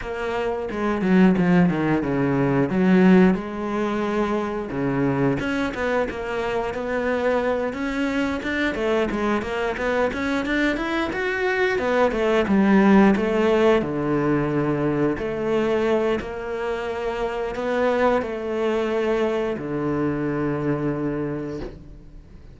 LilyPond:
\new Staff \with { instrumentName = "cello" } { \time 4/4 \tempo 4 = 89 ais4 gis8 fis8 f8 dis8 cis4 | fis4 gis2 cis4 | cis'8 b8 ais4 b4. cis'8~ | cis'8 d'8 a8 gis8 ais8 b8 cis'8 d'8 |
e'8 fis'4 b8 a8 g4 a8~ | a8 d2 a4. | ais2 b4 a4~ | a4 d2. | }